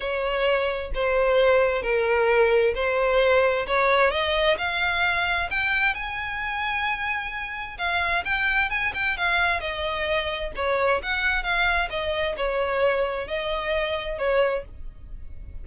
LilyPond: \new Staff \with { instrumentName = "violin" } { \time 4/4 \tempo 4 = 131 cis''2 c''2 | ais'2 c''2 | cis''4 dis''4 f''2 | g''4 gis''2.~ |
gis''4 f''4 g''4 gis''8 g''8 | f''4 dis''2 cis''4 | fis''4 f''4 dis''4 cis''4~ | cis''4 dis''2 cis''4 | }